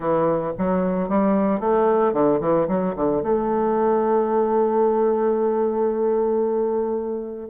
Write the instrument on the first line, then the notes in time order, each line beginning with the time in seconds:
bassoon
0.00 E3
0.58 F#3
1.09 G3
1.59 A3
2.13 D3
2.40 E3
2.68 F#3
2.96 D3
3.22 A3